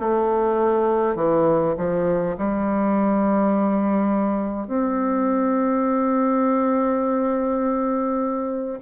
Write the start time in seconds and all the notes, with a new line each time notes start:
0.00 A3
1.16 E3
1.78 F3
2.38 G3
4.68 C4